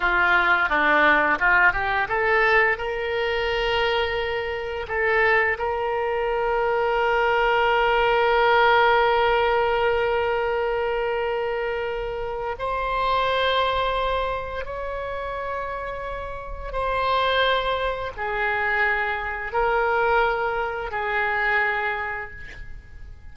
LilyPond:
\new Staff \with { instrumentName = "oboe" } { \time 4/4 \tempo 4 = 86 f'4 d'4 f'8 g'8 a'4 | ais'2. a'4 | ais'1~ | ais'1~ |
ais'2 c''2~ | c''4 cis''2. | c''2 gis'2 | ais'2 gis'2 | }